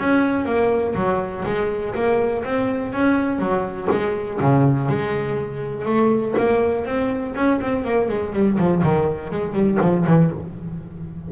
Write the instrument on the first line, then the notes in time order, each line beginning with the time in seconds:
double bass
0.00 C#4
0.46 A#3
0.95 F#3
1.45 G#3
1.95 A#3
2.45 C4
2.93 C#4
3.39 F#3
3.91 G#3
4.40 C#3
4.89 G#3
5.85 A3
6.38 A#3
6.86 C4
7.36 C#4
7.61 C4
7.85 A#3
8.09 G#3
8.33 G3
8.58 F3
8.83 D#3
9.31 G#3
9.54 G3
9.81 F3
10.07 E3